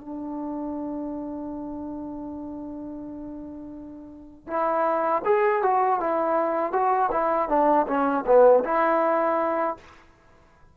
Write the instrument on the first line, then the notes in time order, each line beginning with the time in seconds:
trombone
0.00 D4
4.47 E4
5.24 G#4
5.62 F#4
6.00 E4
6.72 F#4
7.11 E4
7.48 D4
7.86 C#4
8.26 B3
8.64 E4